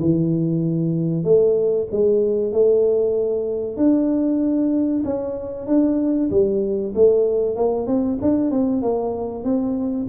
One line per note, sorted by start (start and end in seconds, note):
0.00 1.24 E3
1.24 1.87 A3
1.91 2.52 G#3
2.52 3.77 A3
3.77 5.03 D4
5.04 5.67 C#4
5.67 6.30 D4
6.30 6.93 G3
6.94 7.56 A3
7.56 7.86 A#3
7.86 8.18 C4
8.21 8.50 D4
8.50 8.82 C4
8.82 9.44 A#3
9.44 10.07 C4